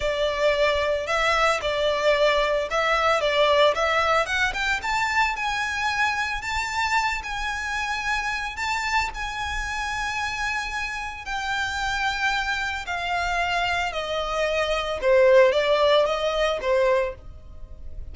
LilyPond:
\new Staff \with { instrumentName = "violin" } { \time 4/4 \tempo 4 = 112 d''2 e''4 d''4~ | d''4 e''4 d''4 e''4 | fis''8 g''8 a''4 gis''2 | a''4. gis''2~ gis''8 |
a''4 gis''2.~ | gis''4 g''2. | f''2 dis''2 | c''4 d''4 dis''4 c''4 | }